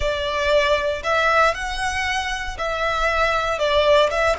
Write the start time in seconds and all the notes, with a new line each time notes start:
0.00 D5
1.03 E5
1.54 F#5
2.58 E5
3.59 D5
4.10 E5